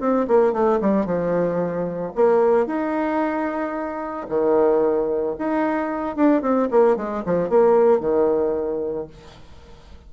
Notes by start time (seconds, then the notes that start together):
0.00 C4
0.27 A#3
0.53 A3
0.81 G3
1.05 F3
2.15 A#3
2.66 D#4
4.29 D#3
5.38 D#4
6.16 D4
6.41 C4
6.70 A#3
6.96 G#3
7.25 F3
7.49 A#3
8.00 D#3